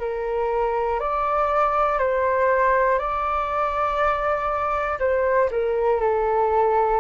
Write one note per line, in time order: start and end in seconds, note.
0.00 1.00 A#4
1.00 1.99 D5
1.99 2.99 C5
2.99 4.99 D5
5.00 5.50 C5
5.51 6.01 A#4
6.01 7.00 A4